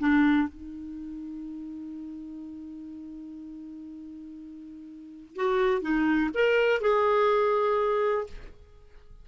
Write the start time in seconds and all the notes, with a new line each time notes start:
0.00 D4
0.49 D#4
5.36 F#4
5.82 D#4
6.35 A#4
6.81 G#4